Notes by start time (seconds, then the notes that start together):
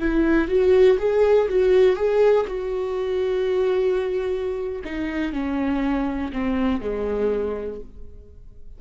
0.00 E4
0.48 F#4
0.99 G#4
1.49 F#4
1.97 G#4
2.47 F#4
4.85 D#4
5.33 C#4
6.33 C4
6.81 G#3